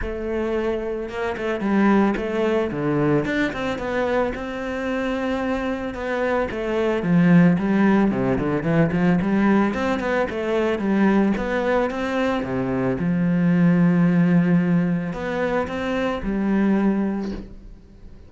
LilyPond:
\new Staff \with { instrumentName = "cello" } { \time 4/4 \tempo 4 = 111 a2 ais8 a8 g4 | a4 d4 d'8 c'8 b4 | c'2. b4 | a4 f4 g4 c8 d8 |
e8 f8 g4 c'8 b8 a4 | g4 b4 c'4 c4 | f1 | b4 c'4 g2 | }